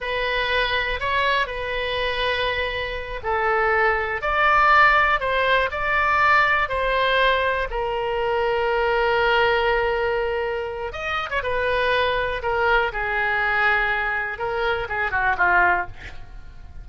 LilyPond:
\new Staff \with { instrumentName = "oboe" } { \time 4/4 \tempo 4 = 121 b'2 cis''4 b'4~ | b'2~ b'8 a'4.~ | a'8 d''2 c''4 d''8~ | d''4. c''2 ais'8~ |
ais'1~ | ais'2 dis''8. cis''16 b'4~ | b'4 ais'4 gis'2~ | gis'4 ais'4 gis'8 fis'8 f'4 | }